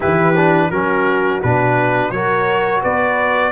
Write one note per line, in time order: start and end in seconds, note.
0.00 0.70 E3
0.00 0.34 E4
0.00 0.69 G4
0.00 0.70 B4
0.36 0.71 D4
0.70 1.41 F#3
0.70 1.42 C#4
0.70 2.13 F#4
0.70 1.41 A#4
1.42 2.10 B2
1.42 2.13 D4
1.42 2.10 B4
2.10 2.81 F#3
2.10 3.51 F#4
2.10 2.82 A#4
2.10 2.81 C#5
2.82 3.51 B3
2.82 3.51 B4
2.82 3.51 D5